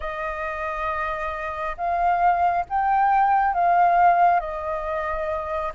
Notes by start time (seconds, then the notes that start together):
0.00 D#5
1.76 F5
2.69 G5
3.53 F5
4.40 D#5